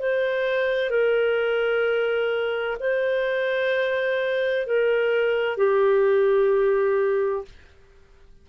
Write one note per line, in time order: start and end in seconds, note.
0.00 0.90 C5
0.90 2.78 A#4
2.80 4.67 C5
4.67 5.57 A#4
5.57 7.45 G4